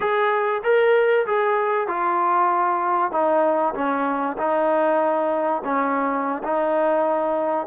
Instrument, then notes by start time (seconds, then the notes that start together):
trombone
0.00 G#4
0.63 A#4
1.26 G#4
1.88 F4
3.11 D#4
3.74 C#4
4.37 D#4
5.64 C#4
6.43 D#4